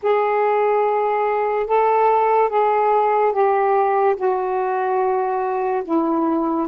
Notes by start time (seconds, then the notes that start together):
0.02 G#4
1.66 A4
2.48 G#4
3.32 G4
4.16 F#4
5.84 E4